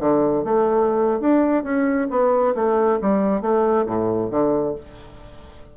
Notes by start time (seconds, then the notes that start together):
0.00 D3
0.44 A3
1.20 D4
1.64 C#4
2.10 B3
2.55 A3
3.02 G3
3.42 A3
3.87 A2
4.31 D3